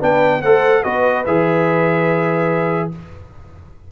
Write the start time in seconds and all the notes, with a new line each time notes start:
0.00 B3 D4 B4 G5
0.42 A3 A4 C5 F#5
0.83 B3 F#4 B4 D#5
1.26 E3 G#4 E5